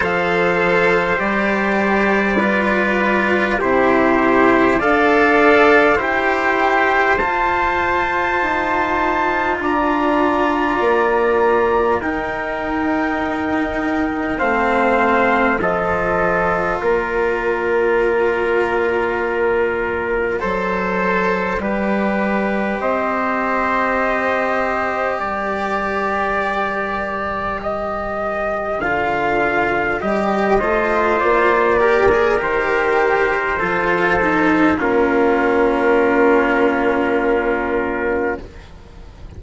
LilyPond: <<
  \new Staff \with { instrumentName = "trumpet" } { \time 4/4 \tempo 4 = 50 f''4 d''2 c''4 | f''4 g''4 a''2 | ais''2 g''2 | f''4 dis''4 d''2~ |
d''2. dis''4~ | dis''4 d''2 dis''4 | f''4 dis''4 d''4 c''4~ | c''4 ais'2. | }
  \new Staff \with { instrumentName = "trumpet" } { \time 4/4 c''2 b'4 g'4 | d''4 c''2. | d''2 ais'2 | c''4 a'4 ais'2~ |
ais'4 c''4 b'4 c''4~ | c''4 ais'2.~ | ais'4. c''4 ais'4. | a'4 f'2. | }
  \new Staff \with { instrumentName = "cello" } { \time 4/4 a'4 g'4 f'4 e'4 | a'4 g'4 f'2~ | f'2 dis'2 | c'4 f'2.~ |
f'4 a'4 g'2~ | g'1 | f'4 g'8 f'4 g'16 gis'16 g'4 | f'8 dis'8 cis'2. | }
  \new Staff \with { instrumentName = "bassoon" } { \time 4/4 f4 g2 c4 | d'4 e'4 f'4 dis'4 | d'4 ais4 dis'2 | a4 f4 ais2~ |
ais4 fis4 g4 c'4~ | c'4 g2. | d4 g8 a8 ais4 dis4 | f4 ais2. | }
>>